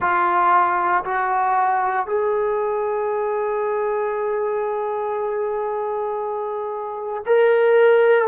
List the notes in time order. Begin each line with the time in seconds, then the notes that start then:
0.00 F4
1.04 F#4
2.06 G#4
7.26 A#4